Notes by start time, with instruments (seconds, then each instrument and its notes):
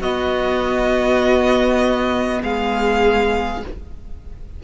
0.00 cello B3, viola B3, violin F#4 D#5
2.43 cello G#3, violin G#4 F5